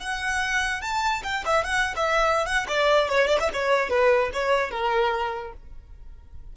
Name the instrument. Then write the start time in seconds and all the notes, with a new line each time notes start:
violin
0.00 F#5
0.82 A5
1.23 G5
1.46 E5
1.64 F#5
1.96 E5
2.46 F#5
2.68 D5
3.09 C#5
3.28 D5
3.40 E5
3.53 C#5
3.89 B4
4.33 C#5
4.71 A#4